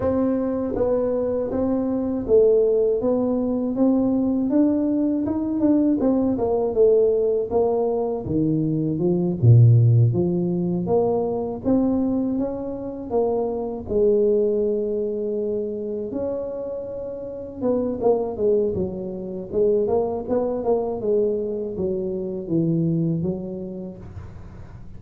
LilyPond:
\new Staff \with { instrumentName = "tuba" } { \time 4/4 \tempo 4 = 80 c'4 b4 c'4 a4 | b4 c'4 d'4 dis'8 d'8 | c'8 ais8 a4 ais4 dis4 | f8 ais,4 f4 ais4 c'8~ |
c'8 cis'4 ais4 gis4.~ | gis4. cis'2 b8 | ais8 gis8 fis4 gis8 ais8 b8 ais8 | gis4 fis4 e4 fis4 | }